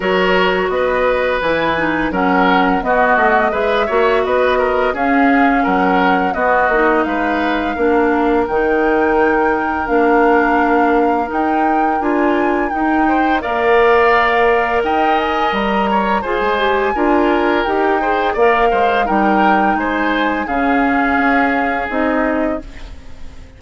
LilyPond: <<
  \new Staff \with { instrumentName = "flute" } { \time 4/4 \tempo 4 = 85 cis''4 dis''4 gis''4 fis''4 | dis''4 e''4 dis''4 f''4 | fis''4 dis''4 f''2 | g''2 f''2 |
g''4 gis''4 g''4 f''4~ | f''4 g''8 gis''8 ais''4 gis''4~ | gis''4 g''4 f''4 g''4 | gis''4 f''2 dis''4 | }
  \new Staff \with { instrumentName = "oboe" } { \time 4/4 ais'4 b'2 ais'4 | fis'4 b'8 cis''8 b'8 ais'8 gis'4 | ais'4 fis'4 b'4 ais'4~ | ais'1~ |
ais'2~ ais'8 c''8 d''4~ | d''4 dis''4. cis''8 c''4 | ais'4. c''8 d''8 c''8 ais'4 | c''4 gis'2. | }
  \new Staff \with { instrumentName = "clarinet" } { \time 4/4 fis'2 e'8 dis'8 cis'4 | b4 gis'8 fis'4. cis'4~ | cis'4 b8 dis'4. d'4 | dis'2 d'2 |
dis'4 f'4 dis'4 ais'4~ | ais'2. gis'8 g'8 | f'4 g'8 gis'8 ais'4 dis'4~ | dis'4 cis'2 dis'4 | }
  \new Staff \with { instrumentName = "bassoon" } { \time 4/4 fis4 b4 e4 fis4 | b8 a8 gis8 ais8 b4 cis'4 | fis4 b8 ais8 gis4 ais4 | dis2 ais2 |
dis'4 d'4 dis'4 ais4~ | ais4 dis'4 g4 f'16 gis8. | d'4 dis'4 ais8 gis8 g4 | gis4 cis4 cis'4 c'4 | }
>>